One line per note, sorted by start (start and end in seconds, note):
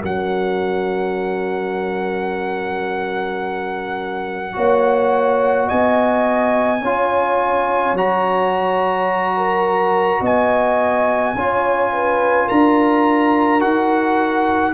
0.00 4.56 F#3
0.00 4.52 C#4
0.00 4.53 A#4
0.00 5.69 F#5
4.52 5.70 A#3
4.52 6.79 F#4
4.52 5.67 C#5
5.67 6.82 B3
5.67 6.81 D#5
5.67 7.95 G#5
6.81 7.93 C#4
6.81 7.96 F4
6.81 9.36 C#5
7.93 10.20 F#3
7.93 11.36 F#4
7.93 10.23 A#5
9.36 10.21 A#4
10.21 11.34 B3
10.21 11.34 D#5
10.21 12.48 G#5
11.34 12.48 C#4
11.34 13.59 F4
11.34 11.92 C#5
11.92 12.46 B4
12.46 13.62 D4
12.46 14.73 A#4
12.46 13.61 A#5
13.59 14.74 D#4
13.59 14.73 F#4
13.59 14.74 F#5